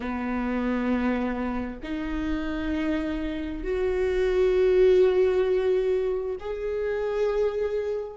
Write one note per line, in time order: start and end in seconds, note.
0.00 1.79 B3
1.83 3.63 D#4
3.63 6.36 F#4
6.39 8.16 G#4